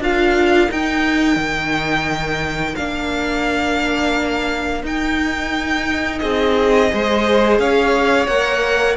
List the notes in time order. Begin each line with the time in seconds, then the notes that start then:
0.00 D4 F4 A#4 F5
0.69 D#4 G5
1.37 D#3
2.76 A#3 D4 F5
4.84 D#4 G5
6.19 C4 G#4 D#5
6.91 G#3 G#4 C5
7.59 C#4 C#5 F5
8.27 A#3 A#4 F#5